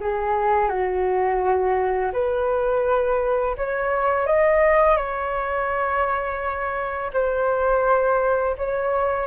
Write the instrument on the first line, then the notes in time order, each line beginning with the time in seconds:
flute
0.00 G#4
0.68 F#4
2.13 B4
3.57 C#5
4.26 D#5
4.96 C#5
7.13 C5
8.57 C#5